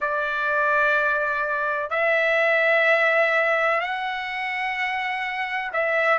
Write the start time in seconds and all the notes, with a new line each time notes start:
0.00 D5
1.90 E5
3.80 F#5
5.72 E5